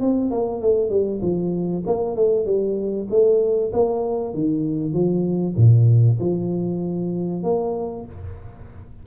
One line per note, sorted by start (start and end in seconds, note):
0.00 0.31 C4
0.31 0.61 A#3
0.61 0.89 A3
0.89 1.20 G3
1.22 1.83 F3
1.86 2.16 A#3
2.16 2.45 A3
2.45 3.07 G3
3.10 3.72 A3
3.73 4.34 A#3
4.34 4.93 D#3
4.93 5.55 F3
5.56 6.18 A#2
6.19 7.43 F3
7.43 8.05 A#3